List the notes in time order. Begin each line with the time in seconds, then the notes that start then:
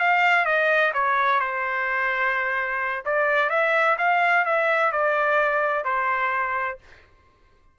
0.00 F5
0.46 D#5
0.94 C#5
1.40 C5
3.06 D5
3.50 E5
3.99 F5
4.46 E5
4.93 D5
5.85 C5